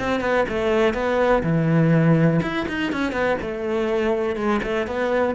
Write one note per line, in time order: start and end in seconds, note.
0.00 0.21 C4
0.21 0.45 B3
0.49 0.94 A3
0.94 1.43 B3
1.43 2.41 E3
2.43 2.67 E4
2.69 2.93 D#4
2.93 3.13 C#4
3.13 3.37 B3
3.42 4.36 A3
4.36 4.61 G#3
4.63 4.88 A3
4.88 5.35 B3